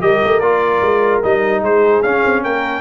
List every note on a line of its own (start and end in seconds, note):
0.00 0.22 G3
0.00 0.40 G4
0.00 1.63 A#4
0.00 0.40 D#5
0.23 0.41 A3
0.40 0.81 A#3
0.40 1.23 F4
0.40 1.21 D5
0.82 1.22 G#3
1.23 1.62 G3
1.23 2.04 D#4
1.23 1.63 D#5
1.62 2.02 G#3
1.62 2.43 G#4
1.62 2.03 C5
2.03 2.23 C#4
2.03 2.80 C#4
2.03 2.43 F5
2.25 2.44 C4
2.43 2.80 A#3
2.43 2.80 A#4
2.43 2.80 G5